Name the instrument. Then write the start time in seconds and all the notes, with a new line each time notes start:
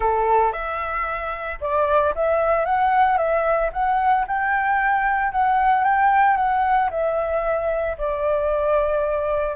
flute
0.00 A4
0.52 E5
1.60 D5
2.15 E5
2.65 F#5
3.17 E5
3.73 F#5
4.27 G5
5.32 F#5
5.84 G5
6.36 F#5
6.90 E5
7.98 D5